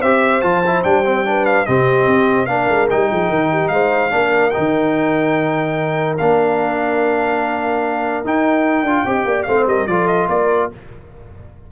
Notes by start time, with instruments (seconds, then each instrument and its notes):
0.00 tuba C4, trombone G4, horn C5, trumpet E5
0.42 tuba F3, trombone F4, trumpet A5
0.67 trombone E4
0.84 tuba G3, trombone D4, trumpet G5
1.06 trombone C4
1.25 trombone D4, horn B4
1.46 trumpet F5
1.66 tuba C3, trombone C4, horn G4, trumpet D#5
2.08 tuba C4
2.46 tuba A#3, trombone D4, horn A#4, trumpet F5
2.69 tuba G#3
2.90 tuba G3, trombone D#4, trumpet G5
3.11 tuba F3, horn G#4
3.30 tuba D#3, horn A#4
3.52 horn G4
3.68 tuba G#3, horn C5, trumpet F5
4.11 tuba A#3, trombone D4, horn A#4
4.51 trombone D#4, trumpet G5
4.58 tuba D#3
6.18 tuba A#3, trombone D4, trumpet F5
8.25 tuba D#4, trombone D#4, trumpet G5
8.83 tuba D4, trombone F4
9.06 tuba C4, trombone G4, horn D#5
9.25 tuba A#3, horn D5
9.43 tuba A3, trombone C4, horn C5, trumpet F5
9.67 tuba G3, horn A#4, trumpet D#5
9.87 tuba F3, trombone F4, horn A4, trumpet D5
10.08 trumpet D#5
10.29 tuba A#3, horn A#4, trumpet D5